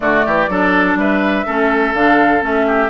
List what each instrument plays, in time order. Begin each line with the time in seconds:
0.00 bassoon D3, clarinet A3, oboe F#4, flute D5
0.25 bassoon E3, oboe G4
0.48 bassoon F#3, clarinet D4, oboe A4
0.95 bassoon G3, oboe B4, flute E5
1.46 bassoon A3, clarinet C#4, oboe A4
1.93 bassoon D3, clarinet D4, flute F5
2.40 bassoon A3, clarinet C#4, flute E5
2.66 oboe G4